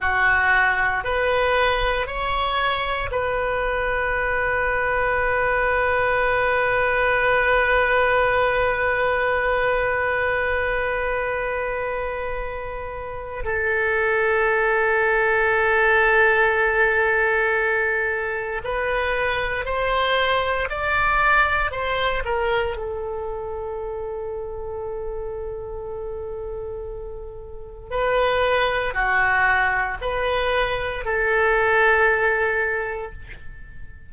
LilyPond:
\new Staff \with { instrumentName = "oboe" } { \time 4/4 \tempo 4 = 58 fis'4 b'4 cis''4 b'4~ | b'1~ | b'1~ | b'4 a'2.~ |
a'2 b'4 c''4 | d''4 c''8 ais'8 a'2~ | a'2. b'4 | fis'4 b'4 a'2 | }